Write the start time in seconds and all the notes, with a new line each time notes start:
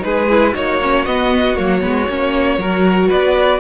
0.00 G#3 D#4 G#4 B4
0.30 E4
0.53 A#3 D#4 F#4 C#5
0.82 C#4
1.06 B3 D#5
1.56 F#3 A#3 C#5
1.82 G#3 B3
2.09 A#3 C#4
2.58 F#3 F#4 A#4
3.09 B3 B4 D5